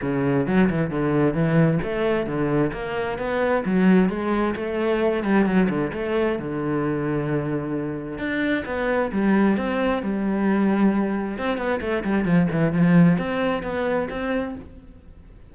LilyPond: \new Staff \with { instrumentName = "cello" } { \time 4/4 \tempo 4 = 132 cis4 fis8 e8 d4 e4 | a4 d4 ais4 b4 | fis4 gis4 a4. g8 | fis8 d8 a4 d2~ |
d2 d'4 b4 | g4 c'4 g2~ | g4 c'8 b8 a8 g8 f8 e8 | f4 c'4 b4 c'4 | }